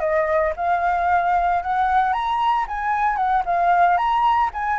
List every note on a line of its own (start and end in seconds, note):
0.00 0.53 D#5
0.56 1.62 F5
1.62 2.13 F#5
2.13 2.66 A#5
2.68 3.16 G#5
3.16 3.43 F#5
3.45 3.97 F5
3.97 4.50 A#5
4.53 4.79 G#5